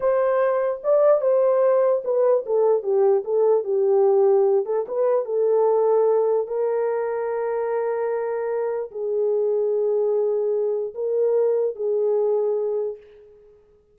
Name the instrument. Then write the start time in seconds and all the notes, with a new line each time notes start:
horn
0.00 C5
0.83 D5
1.21 C5
2.04 B4
2.46 A4
2.82 G4
3.24 A4
3.64 G4
4.65 A4
4.87 B4
5.25 A4
6.47 A#4
8.91 G#4
10.94 A#4
11.75 G#4